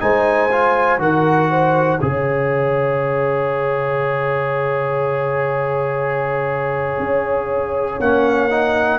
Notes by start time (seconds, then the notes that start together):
0.00 G#3 D#4 C5 G#5
0.51 F4
0.98 D#3 F#4 A#4 F#5
1.50 C5
2.01 C#3 G#4 C#5 F5
6.99 C#4
8.00 A#3 C#4 F#5
8.50 D#4